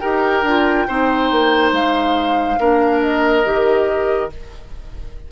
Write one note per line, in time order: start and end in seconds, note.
0.00 0.43 D#4
0.00 0.44 G4
0.00 0.87 A#4
0.00 1.71 G5
0.43 0.86 D4
0.43 0.89 F4
0.88 1.31 C4
0.88 2.59 D#4
0.88 2.60 C5
1.31 1.72 A#3
1.72 2.58 G#3
1.72 3.02 F5
2.59 3.45 A#3
2.59 3.44 D4
2.59 4.32 A#4
3.02 4.31 D#5
3.44 4.31 D#3
3.44 4.30 G4